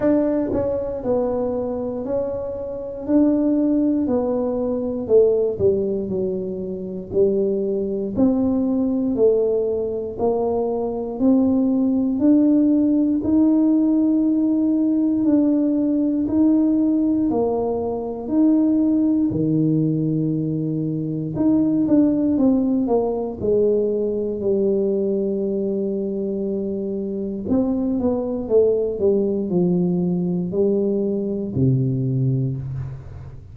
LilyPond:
\new Staff \with { instrumentName = "tuba" } { \time 4/4 \tempo 4 = 59 d'8 cis'8 b4 cis'4 d'4 | b4 a8 g8 fis4 g4 | c'4 a4 ais4 c'4 | d'4 dis'2 d'4 |
dis'4 ais4 dis'4 dis4~ | dis4 dis'8 d'8 c'8 ais8 gis4 | g2. c'8 b8 | a8 g8 f4 g4 c4 | }